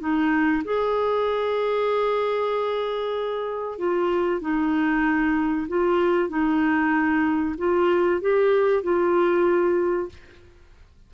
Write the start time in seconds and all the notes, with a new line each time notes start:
0.00 D#4
0.64 G#4
3.78 F4
4.41 D#4
5.68 F4
6.29 D#4
7.58 F4
8.21 G4
8.83 F4